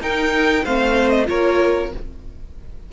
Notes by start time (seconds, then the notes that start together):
0.00 D#4 A#4 G5
0.63 A3 C4 C5 F5
1.09 D#5
1.25 A#3 F4 A#4 C#5